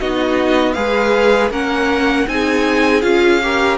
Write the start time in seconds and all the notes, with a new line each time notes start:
0.00 B3 D#4 F#4 D#5
0.73 G#3 G#4 B4 F5
1.50 A#3 C#4 A#4 F#5
2.28 C4 D#4 G#4 G#5
3.02 C#4 F4 F5
3.43 G4 A#4